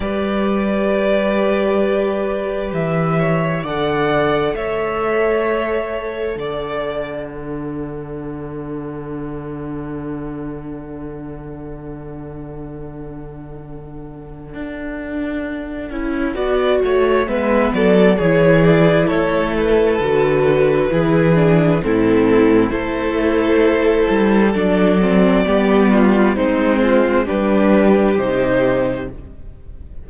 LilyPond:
<<
  \new Staff \with { instrumentName = "violin" } { \time 4/4 \tempo 4 = 66 d''2. e''4 | fis''4 e''2 fis''4~ | fis''1~ | fis''1~ |
fis''2. e''8 d''8 | cis''8 d''8 cis''8 b'2~ b'8 | a'4 c''2 d''4~ | d''4 c''4 b'4 c''4 | }
  \new Staff \with { instrumentName = "violin" } { \time 4/4 b'2.~ b'8 cis''8 | d''4 cis''2 d''4 | a'1~ | a'1~ |
a'2 d''8 cis''8 b'8 a'8 | gis'4 a'2 gis'4 | e'4 a'2. | g'8 f'8 dis'8 f'8 g'2 | }
  \new Staff \with { instrumentName = "viola" } { \time 4/4 g'1 | a'1 | d'1~ | d'1~ |
d'4. e'8 fis'4 b4 | e'2 fis'4 e'8 d'8 | c'4 e'2 d'8 c'8 | b4 c'4 d'4 dis'4 | }
  \new Staff \with { instrumentName = "cello" } { \time 4/4 g2. e4 | d4 a2 d4~ | d1~ | d1 |
d'4. cis'8 b8 a8 gis8 fis8 | e4 a4 d4 e4 | a,4 a4. g8 fis4 | g4 gis4 g4 c4 | }
>>